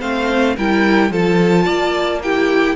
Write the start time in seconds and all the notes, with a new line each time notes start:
0.00 A3 C4 C5 F5
0.56 G3 E4 A#4 G5
1.10 F3 F4 A4 A5
1.64 A#3 D5
2.22 E4 G4 G5